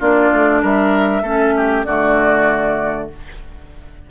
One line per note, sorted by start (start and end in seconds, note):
0.00 0.32 A#3
0.00 1.24 D4
0.00 0.62 F4
0.00 0.64 D5
0.33 0.63 A3
0.62 1.23 G3
0.62 1.23 A#4
0.62 1.84 E5
1.23 1.85 A3
1.23 1.87 C#4
1.23 1.54 A4
1.57 1.86 G4
1.84 3.10 D3
1.84 3.11 A3
1.84 3.10 F#4
1.84 3.08 D5